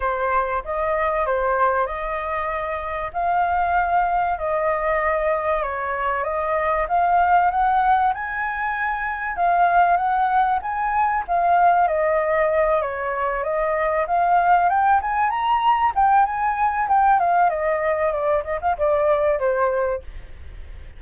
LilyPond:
\new Staff \with { instrumentName = "flute" } { \time 4/4 \tempo 4 = 96 c''4 dis''4 c''4 dis''4~ | dis''4 f''2 dis''4~ | dis''4 cis''4 dis''4 f''4 | fis''4 gis''2 f''4 |
fis''4 gis''4 f''4 dis''4~ | dis''8 cis''4 dis''4 f''4 g''8 | gis''8 ais''4 g''8 gis''4 g''8 f''8 | dis''4 d''8 dis''16 f''16 d''4 c''4 | }